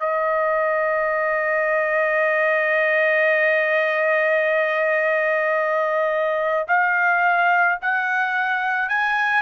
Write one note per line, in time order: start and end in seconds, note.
0.00 6.67 D#5
6.68 7.79 F5
7.82 8.89 F#5
8.89 9.42 G#5